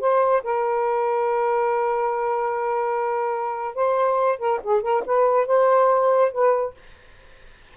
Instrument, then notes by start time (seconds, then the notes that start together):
saxophone
0.00 C5
0.44 A#4
3.75 C5
4.39 A#4
4.64 G#4
4.82 A#4
5.06 B4
5.47 C5
6.32 B4